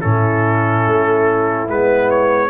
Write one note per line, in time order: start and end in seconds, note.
0.00 0.88 A2
0.00 1.68 C#4
0.00 2.50 E4
0.00 1.68 A4
0.88 1.69 A3
1.69 2.51 G#3
1.69 2.51 B3
1.69 2.11 B4
2.11 2.51 C#5